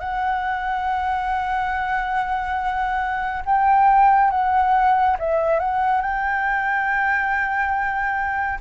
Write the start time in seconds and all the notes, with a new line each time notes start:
0.00 F#5
3.46 G5
4.31 F#5
5.19 E5
5.60 F#5
6.02 G5